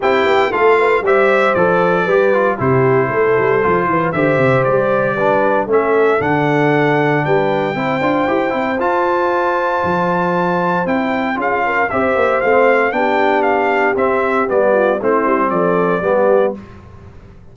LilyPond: <<
  \new Staff \with { instrumentName = "trumpet" } { \time 4/4 \tempo 4 = 116 g''4 f''4 e''4 d''4~ | d''4 c''2. | e''4 d''2 e''4 | fis''2 g''2~ |
g''4 a''2.~ | a''4 g''4 f''4 e''4 | f''4 g''4 f''4 e''4 | d''4 c''4 d''2 | }
  \new Staff \with { instrumentName = "horn" } { \time 4/4 g'4 a'8 b'8 c''2 | b'4 g'4 a'4. b'8 | c''2 b'4 a'4~ | a'2 b'4 c''4~ |
c''1~ | c''2 gis'8 ais'8 c''4~ | c''4 g'2.~ | g'8 f'8 e'4 a'4 g'4 | }
  \new Staff \with { instrumentName = "trombone" } { \time 4/4 e'4 f'4 g'4 a'4 | g'8 f'8 e'2 f'4 | g'2 d'4 cis'4 | d'2. e'8 f'8 |
g'8 e'8 f'2.~ | f'4 e'4 f'4 g'4 | c'4 d'2 c'4 | b4 c'2 b4 | }
  \new Staff \with { instrumentName = "tuba" } { \time 4/4 c'8 b8 a4 g4 f4 | g4 c4 a8 g8 f8 e8 | d8 c8 g2 a4 | d2 g4 c'8 d'8 |
e'8 c'8 f'2 f4~ | f4 c'4 cis'4 c'8 ais8 | a4 b2 c'4 | g4 a8 g8 f4 g4 | }
>>